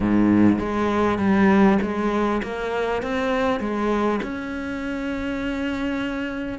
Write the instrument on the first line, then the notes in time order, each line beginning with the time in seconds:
cello
0.00 G#2
0.58 G#3
1.18 G3
1.81 G#3
2.42 A#3
3.02 C4
3.60 G#3
4.22 C#4